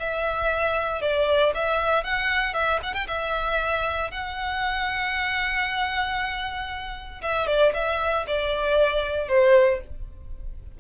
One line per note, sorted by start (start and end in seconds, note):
0.00 1.01 E5
1.01 1.53 D5
1.54 2.04 E5
2.04 2.54 F#5
2.54 2.80 E5
2.83 2.94 F#5
2.94 3.07 G5
3.08 4.11 E5
4.11 7.22 F#5
7.22 7.47 E5
7.47 7.73 D5
7.74 8.26 E5
8.27 9.28 D5
9.28 9.80 C5